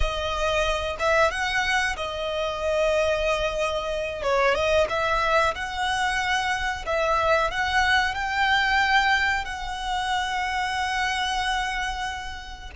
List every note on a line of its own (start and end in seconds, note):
0.00 0.96 D#5
0.99 1.30 E5
1.30 1.96 F#5
1.96 4.22 D#5
4.22 4.54 C#5
4.54 4.87 D#5
4.89 5.54 E5
5.54 6.85 F#5
6.86 7.50 E5
7.50 8.14 F#5
8.14 9.44 G5
9.44 12.71 F#5